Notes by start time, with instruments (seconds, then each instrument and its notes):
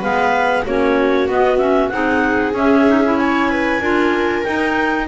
0.00 double bass G#3, clarinet B3 F5, viola B4
0.65 double bass A#3, clarinet C#4 C#5, viola F#4
1.28 double bass B3, clarinet B3 D#5
1.58 clarinet C#4 E5
1.89 double bass C4, clarinet D#4 F#5, viola G#4
2.53 double bass C#4, clarinet C#4 E5
2.87 clarinet D#4
3.05 clarinet E4
3.18 viola C#5, clarinet G#5
3.50 viola B4
3.80 double bass D4, clarinet F4, viola A#4
4.44 clarinet D#4 G5, double bass D#4